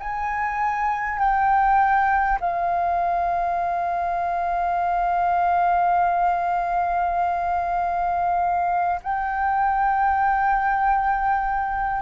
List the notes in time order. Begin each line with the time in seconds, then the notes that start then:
0.00 G#5
1.19 G5
2.41 F5
9.03 G5